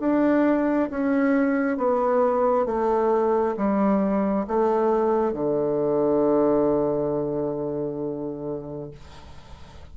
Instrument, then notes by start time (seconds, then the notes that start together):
bassoon
0.00 D4
0.90 C#4
1.77 B3
2.66 A3
3.57 G3
4.47 A3
5.33 D3